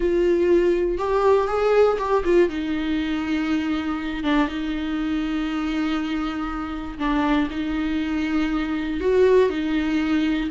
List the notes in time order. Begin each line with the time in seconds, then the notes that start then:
0.00 F4
0.97 G4
1.47 G#4
1.98 G4
2.24 F4
2.49 D#4
4.23 D4
4.47 D#4
6.98 D4
7.50 D#4
9.00 F#4
9.49 D#4